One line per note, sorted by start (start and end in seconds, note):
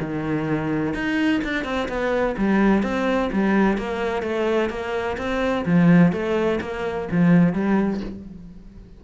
0.00 0.94 D#3
0.94 1.41 D#4
1.44 1.64 D4
1.64 1.88 C4
1.89 2.36 B3
2.38 2.83 G3
2.83 3.30 C4
3.33 3.78 G3
3.78 4.22 A#3
4.22 4.70 A3
4.70 5.17 A#3
5.18 5.65 C4
5.66 6.12 F3
6.12 6.60 A3
6.61 7.08 A#3
7.11 7.53 F3
7.53 8.01 G3